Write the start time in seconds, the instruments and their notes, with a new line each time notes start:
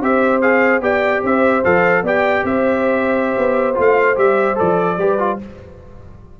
0.00 tuba C4, trombone G4, horn C5, trumpet E5
0.41 trombone G#4, trumpet F5
0.80 tuba B3, trombone G4, horn D5, trumpet G5
1.23 tuba C4, horn C5, trumpet E5
1.64 tuba F3, trombone A4, trumpet F5
2.02 tuba B3, trombone G4, horn D5, trumpet G5
2.44 tuba C4, horn C5, trumpet E5
3.37 tuba B3
3.74 tuba A3, trombone F4
3.81 trumpet F5
4.15 tuba G3, trombone G4, trumpet E5
4.55 tuba F3, trombone A4, trumpet D5
4.98 tuba G3, trombone G4, horn B4
5.18 trombone F4